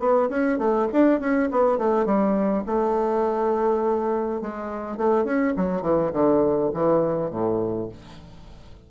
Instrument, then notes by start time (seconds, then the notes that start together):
bassoon
0.00 B3
0.30 C#4
0.59 A3
0.93 D4
1.20 C#4
1.51 B3
1.78 A3
2.06 G3
2.67 A3
4.42 G#3
4.98 A3
5.25 C#4
5.57 F#3
5.82 E3
6.13 D3
6.74 E3
7.31 A2